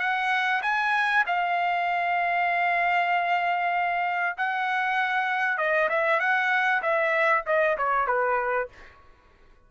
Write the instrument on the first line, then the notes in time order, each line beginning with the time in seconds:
trumpet
0.00 F#5
0.63 G#5
1.27 F5
4.38 F#5
5.58 D#5
5.89 E5
6.20 F#5
6.82 E5
7.46 D#5
7.78 C#5
8.07 B4